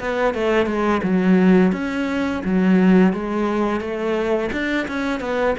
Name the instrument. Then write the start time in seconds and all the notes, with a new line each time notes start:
cello
0.00 B3
0.34 A3
0.66 G#3
1.03 F#3
1.72 C#4
2.45 F#3
3.13 G#3
3.80 A3
4.52 D4
4.88 C#4
5.20 B3